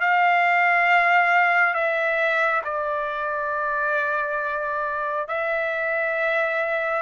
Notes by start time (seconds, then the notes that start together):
0.00 F5
1.74 E5
2.64 D5
5.28 E5